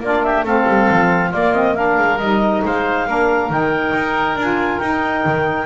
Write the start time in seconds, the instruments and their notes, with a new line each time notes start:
0.00 double bass A#3, saxophone D4, oboe F4, clarinet D5
0.23 oboe G4, clarinet E5
0.44 double bass A3, saxophone C4, oboe A4, clarinet F5
0.67 double bass G3
0.90 double bass F3
1.30 double bass A#3, saxophone A#3, oboe F4, clarinet D5
1.54 saxophone C4, clarinet D#5
1.75 saxophone D4, oboe A#4, clarinet F5
1.98 double bass G#3
2.19 double bass G3, saxophone D#4, clarinet D#5
2.65 double bass G#3, oboe C5, clarinet F5
3.07 double bass A#3, saxophone D4, oboe A#4
3.50 double bass D#3, saxophone D#4, clarinet G5
3.94 double bass D#4
4.36 double bass D4, saxophone F4, clarinet G#5
4.80 double bass D#4, saxophone D#4, clarinet G5
5.25 double bass D#3